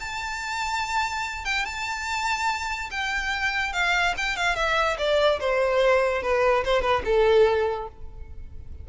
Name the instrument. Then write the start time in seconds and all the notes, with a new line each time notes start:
violin
0.00 A5
1.45 G5
1.65 A5
2.91 G5
3.73 F5
4.18 G5
4.37 F5
4.56 E5
4.98 D5
5.40 C5
6.23 B4
6.65 C5
6.82 B4
7.05 A4